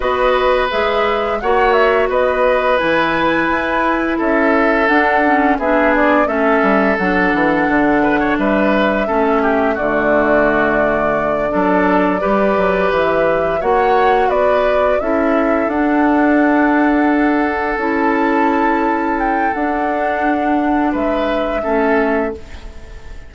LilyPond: <<
  \new Staff \with { instrumentName = "flute" } { \time 4/4 \tempo 4 = 86 dis''4 e''4 fis''8 e''8 dis''4 | gis''2 e''4 fis''4 | e''8 d''8 e''4 fis''2 | e''2 d''2~ |
d''2~ d''8 e''4 fis''8~ | fis''8 d''4 e''4 fis''4.~ | fis''4. a''2 g''8 | fis''2 e''2 | }
  \new Staff \with { instrumentName = "oboe" } { \time 4/4 b'2 cis''4 b'4~ | b'2 a'2 | gis'4 a'2~ a'8 b'16 cis''16 | b'4 a'8 g'8 fis'2~ |
fis'8 a'4 b'2 cis''8~ | cis''8 b'4 a'2~ a'8~ | a'1~ | a'2 b'4 a'4 | }
  \new Staff \with { instrumentName = "clarinet" } { \time 4/4 fis'4 gis'4 fis'2 | e'2. d'8 cis'8 | d'4 cis'4 d'2~ | d'4 cis'4 a2~ |
a8 d'4 g'2 fis'8~ | fis'4. e'4 d'4.~ | d'4. e'2~ e'8 | d'2. cis'4 | }
  \new Staff \with { instrumentName = "bassoon" } { \time 4/4 b4 gis4 ais4 b4 | e4 e'4 cis'4 d'4 | b4 a8 g8 fis8 e8 d4 | g4 a4 d2~ |
d8 fis4 g8 fis8 e4 ais8~ | ais8 b4 cis'4 d'4.~ | d'4. cis'2~ cis'8 | d'2 gis4 a4 | }
>>